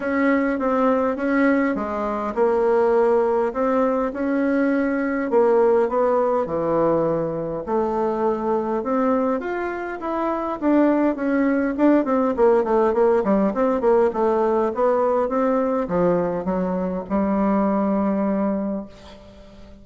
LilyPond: \new Staff \with { instrumentName = "bassoon" } { \time 4/4 \tempo 4 = 102 cis'4 c'4 cis'4 gis4 | ais2 c'4 cis'4~ | cis'4 ais4 b4 e4~ | e4 a2 c'4 |
f'4 e'4 d'4 cis'4 | d'8 c'8 ais8 a8 ais8 g8 c'8 ais8 | a4 b4 c'4 f4 | fis4 g2. | }